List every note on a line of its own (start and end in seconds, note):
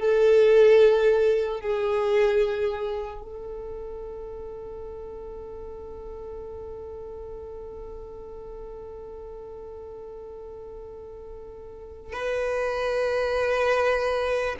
0.00 1.61 A4
1.61 3.22 G#4
3.22 12.13 A4
12.13 14.56 B4